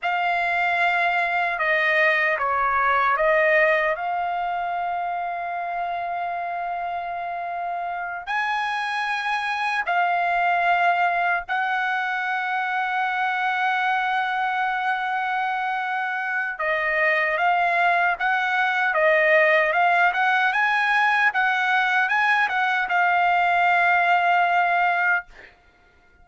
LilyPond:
\new Staff \with { instrumentName = "trumpet" } { \time 4/4 \tempo 4 = 76 f''2 dis''4 cis''4 | dis''4 f''2.~ | f''2~ f''8 gis''4.~ | gis''8 f''2 fis''4.~ |
fis''1~ | fis''4 dis''4 f''4 fis''4 | dis''4 f''8 fis''8 gis''4 fis''4 | gis''8 fis''8 f''2. | }